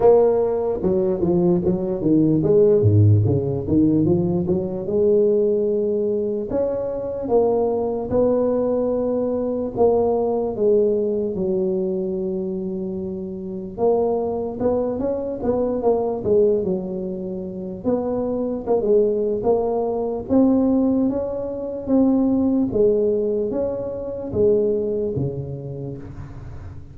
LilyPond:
\new Staff \with { instrumentName = "tuba" } { \time 4/4 \tempo 4 = 74 ais4 fis8 f8 fis8 dis8 gis8 gis,8 | cis8 dis8 f8 fis8 gis2 | cis'4 ais4 b2 | ais4 gis4 fis2~ |
fis4 ais4 b8 cis'8 b8 ais8 | gis8 fis4. b4 ais16 gis8. | ais4 c'4 cis'4 c'4 | gis4 cis'4 gis4 cis4 | }